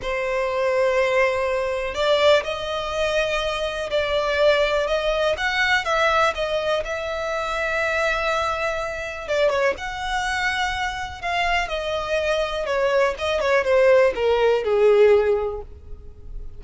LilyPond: \new Staff \with { instrumentName = "violin" } { \time 4/4 \tempo 4 = 123 c''1 | d''4 dis''2. | d''2 dis''4 fis''4 | e''4 dis''4 e''2~ |
e''2. d''8 cis''8 | fis''2. f''4 | dis''2 cis''4 dis''8 cis''8 | c''4 ais'4 gis'2 | }